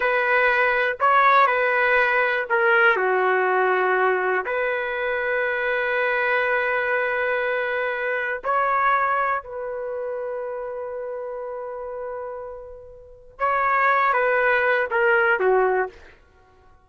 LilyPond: \new Staff \with { instrumentName = "trumpet" } { \time 4/4 \tempo 4 = 121 b'2 cis''4 b'4~ | b'4 ais'4 fis'2~ | fis'4 b'2.~ | b'1~ |
b'4 cis''2 b'4~ | b'1~ | b'2. cis''4~ | cis''8 b'4. ais'4 fis'4 | }